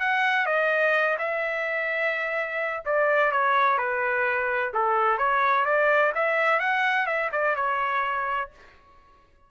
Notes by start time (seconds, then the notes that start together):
0.00 F#5
0.46 D#5
1.19 E5
2.85 D5
3.32 C#5
3.78 B4
4.74 A4
5.18 C#5
5.65 D5
6.15 E5
6.60 F#5
7.07 E5
7.32 D5
7.56 C#5